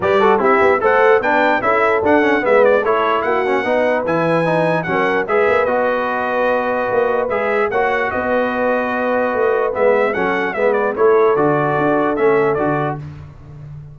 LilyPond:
<<
  \new Staff \with { instrumentName = "trumpet" } { \time 4/4 \tempo 4 = 148 d''4 e''4 fis''4 g''4 | e''4 fis''4 e''8 d''8 cis''4 | fis''2 gis''2 | fis''4 e''4 dis''2~ |
dis''2 e''4 fis''4 | dis''1 | e''4 fis''4 e''8 d''8 cis''4 | d''2 e''4 d''4 | }
  \new Staff \with { instrumentName = "horn" } { \time 4/4 b'8 a'8 g'4 c''4 b'4 | a'2 b'4 a'4 | fis'4 b'2. | ais'4 b'2.~ |
b'2. cis''4 | b'1~ | b'4 a'4 b'4 a'4~ | a'1 | }
  \new Staff \with { instrumentName = "trombone" } { \time 4/4 g'8 fis'8 e'4 a'4 d'4 | e'4 d'8 cis'8 b4 e'4~ | e'8 cis'8 dis'4 e'4 dis'4 | cis'4 gis'4 fis'2~ |
fis'2 gis'4 fis'4~ | fis'1 | b4 cis'4 b4 e'4 | fis'2 cis'4 fis'4 | }
  \new Staff \with { instrumentName = "tuba" } { \time 4/4 g4 c'8 b8 a4 b4 | cis'4 d'4 gis4 a4 | ais4 b4 e2 | fis4 gis8 ais8 b2~ |
b4 ais4 gis4 ais4 | b2. a4 | gis4 fis4 gis4 a4 | d4 d'4 a4 d4 | }
>>